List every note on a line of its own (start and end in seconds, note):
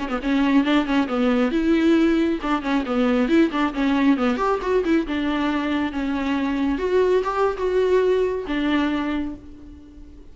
0.00 0.09 C#4
0.09 0.20 B3
0.23 0.64 C#4
0.64 0.86 D4
0.86 1.08 C#4
1.08 1.52 B3
1.52 2.40 E4
2.42 2.63 D4
2.63 2.85 C#4
2.86 3.29 B3
3.29 3.51 E4
3.52 3.74 D4
3.74 4.18 C#4
4.18 4.38 B3
4.38 4.60 G4
4.62 4.84 F#4
4.85 5.07 E4
5.08 5.93 D4
5.93 6.79 C#4
6.79 7.23 F#4
7.24 7.57 G4
7.58 8.46 F#4
8.47 9.35 D4